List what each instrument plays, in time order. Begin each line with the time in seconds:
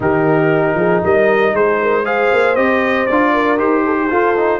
0.00 tuba D#3, trombone D#4, horn G4, trumpet A#4
0.75 tuba F3, horn G#4
1.03 tuba G3, horn A#4, trumpet D#5
1.53 tuba G#3, horn G#4, trumpet C5
1.81 horn A#4
2.04 trombone G#4, horn C5, trumpet F5
2.32 tuba A#3
2.55 tuba C4, trombone G4, trumpet D#5
3.06 tuba D4, trombone F4, trumpet D5
3.33 horn A#4
3.57 tuba D#4, trombone G4, trumpet C5
3.85 horn A4
4.00 horn G4
4.10 trombone F4, tuba F4, horn A4
4.35 trombone D#4